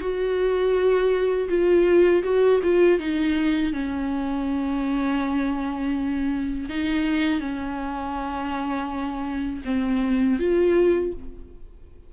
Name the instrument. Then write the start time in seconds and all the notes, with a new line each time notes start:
viola
0.00 F#4
1.48 F4
2.23 F#4
2.63 F4
2.99 D#4
3.72 C#4
6.69 D#4
7.40 C#4
9.65 C4
10.39 F4